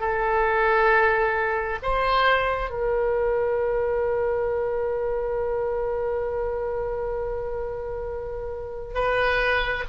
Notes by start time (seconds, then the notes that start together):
0.00 A4
1.82 C5
2.70 A#4
8.95 B4